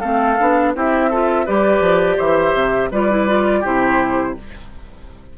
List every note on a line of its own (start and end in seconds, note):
0.00 0.39 A3
0.00 0.38 C4
0.00 0.72 A4
0.00 0.72 F5
0.39 0.75 B3
0.39 0.75 D4
0.75 1.47 C4
0.75 1.11 E4
0.75 1.10 G4
0.75 1.47 E5
1.10 1.46 F4
1.10 1.46 A4
1.46 1.80 G3
1.46 2.91 G4
1.46 2.17 B4
1.46 2.19 D5
1.80 2.16 F3
2.17 2.54 E3
2.17 2.89 C5
2.17 2.92 E5
2.54 2.90 C3
2.91 3.64 G3
2.91 3.10 F4
2.91 3.60 B4
2.91 3.65 D5
3.10 3.27 E4
3.27 3.64 F4
3.60 4.37 C3
3.60 4.36 E4
3.60 4.33 G4
3.60 4.37 C5